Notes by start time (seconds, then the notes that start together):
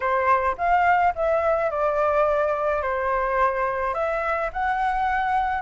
0.00 C5
0.57 F5
1.15 E5
1.70 D5
2.81 C5
3.94 E5
4.53 F#5